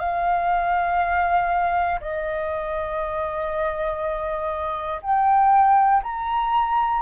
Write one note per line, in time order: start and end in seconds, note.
0.00 2.00 F5
2.01 5.01 D#5
5.03 6.03 G5
6.04 7.02 A#5